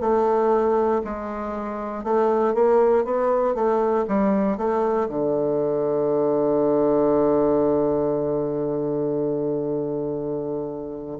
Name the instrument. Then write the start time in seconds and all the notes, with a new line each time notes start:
bassoon
0.00 A3
1.04 G#3
2.04 A3
2.54 A#3
3.05 B3
3.55 A3
4.08 G3
4.57 A3
5.08 D3